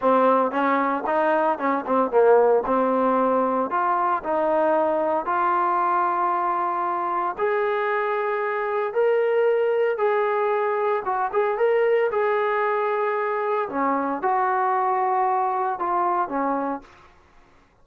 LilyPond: \new Staff \with { instrumentName = "trombone" } { \time 4/4 \tempo 4 = 114 c'4 cis'4 dis'4 cis'8 c'8 | ais4 c'2 f'4 | dis'2 f'2~ | f'2 gis'2~ |
gis'4 ais'2 gis'4~ | gis'4 fis'8 gis'8 ais'4 gis'4~ | gis'2 cis'4 fis'4~ | fis'2 f'4 cis'4 | }